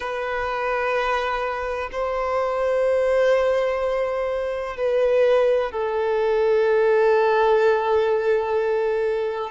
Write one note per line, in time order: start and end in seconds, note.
0.00 1.89 B4
1.92 4.76 C5
4.76 5.71 B4
5.71 9.51 A4